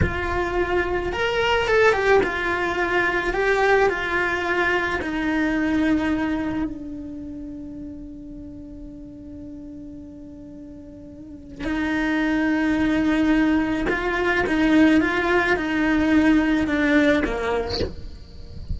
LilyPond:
\new Staff \with { instrumentName = "cello" } { \time 4/4 \tempo 4 = 108 f'2 ais'4 a'8 g'8 | f'2 g'4 f'4~ | f'4 dis'2. | d'1~ |
d'1~ | d'4 dis'2.~ | dis'4 f'4 dis'4 f'4 | dis'2 d'4 ais4 | }